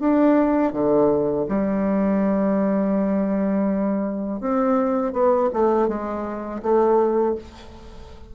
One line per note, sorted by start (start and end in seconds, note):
0.00 0.73 D4
0.73 1.46 D3
1.49 4.40 G3
4.40 5.13 C4
5.13 5.49 B3
5.53 5.88 A3
5.88 6.62 G#3
6.63 7.36 A3